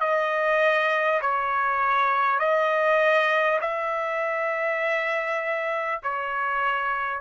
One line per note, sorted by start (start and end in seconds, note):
0.00 1.20 D#5
1.21 2.39 C#5
2.39 3.59 D#5
3.61 6.01 E5
6.03 7.21 C#5